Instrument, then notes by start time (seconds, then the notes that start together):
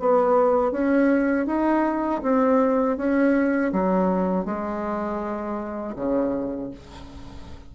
bassoon
0.00 B3
0.72 C#4
1.47 D#4
2.23 C4
2.97 C#4
3.73 F#3
4.46 G#3
5.96 C#3